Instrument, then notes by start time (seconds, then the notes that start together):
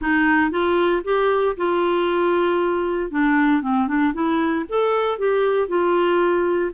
clarinet
0.01 D#4
0.50 F4
1.04 G4
1.57 F4
3.11 D4
3.62 C4
3.87 D4
4.13 E4
4.68 A4
5.18 G4
5.68 F4